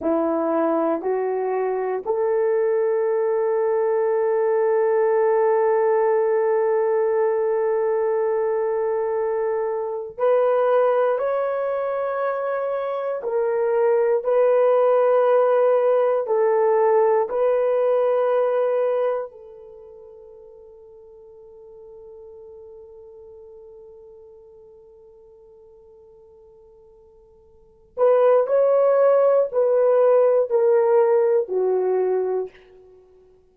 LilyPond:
\new Staff \with { instrumentName = "horn" } { \time 4/4 \tempo 4 = 59 e'4 fis'4 a'2~ | a'1~ | a'2 b'4 cis''4~ | cis''4 ais'4 b'2 |
a'4 b'2 a'4~ | a'1~ | a'2.~ a'8 b'8 | cis''4 b'4 ais'4 fis'4 | }